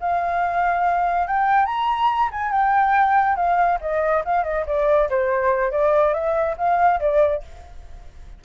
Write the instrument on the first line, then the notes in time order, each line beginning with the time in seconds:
flute
0.00 F5
1.27 G5
1.66 A#5
2.32 G#5
2.52 G5
3.36 F5
3.81 D#5
4.25 F5
4.44 D#5
4.67 D5
5.10 C5
5.71 D5
6.14 E5
6.57 F5
7.00 D5